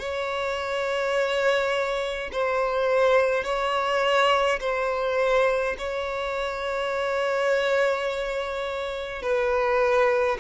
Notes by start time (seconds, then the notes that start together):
0.00 C#5
2.32 C5
3.44 C#5
4.60 C5
5.78 C#5
9.23 B4